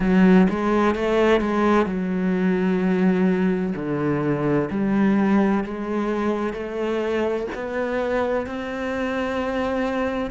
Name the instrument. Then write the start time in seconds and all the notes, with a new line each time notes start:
cello
0.00 F#3
0.49 G#3
0.95 A3
1.40 G#3
1.85 F#3
3.75 D3
4.70 G3
5.63 G#3
6.53 A3
7.54 B3
8.46 C4